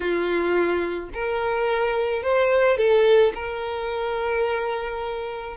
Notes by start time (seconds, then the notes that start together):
0.00 F4
1.13 A#4
2.22 C5
2.77 A4
3.34 A#4